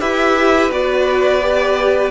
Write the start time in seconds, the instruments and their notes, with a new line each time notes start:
0.00 cello E4, viola G4, violin B4 E5
0.71 cello B3, viola F#4, violin D5
1.42 viola G4